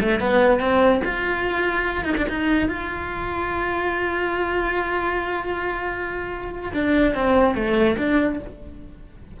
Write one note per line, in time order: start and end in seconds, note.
0.00 0.20 A3
0.20 0.60 B3
0.60 1.01 C4
1.04 2.04 F4
2.04 2.14 D#4
2.17 2.27 D4
2.28 2.68 D#4
2.68 6.72 F4
6.73 7.14 D4
7.14 7.54 C4
7.54 7.96 A3
7.97 8.39 D4